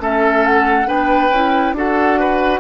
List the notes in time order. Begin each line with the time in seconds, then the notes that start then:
0.00 A3 C#4 A4 E5
0.46 F#5
0.86 B3 D4 B4 G5
1.30 C#4 E4
1.72 D4 F#4 A4 F#5
2.20 B4